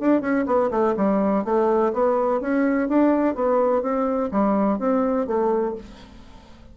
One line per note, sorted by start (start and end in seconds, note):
0.00 0.21 D4
0.21 0.45 C#4
0.46 0.70 B3
0.71 0.95 A3
0.97 1.45 G3
1.45 1.93 A3
1.93 2.41 B3
2.41 2.89 C#4
2.89 3.35 D4
3.35 3.82 B3
3.82 4.30 C4
4.32 4.79 G3
4.79 5.27 C4
5.27 5.75 A3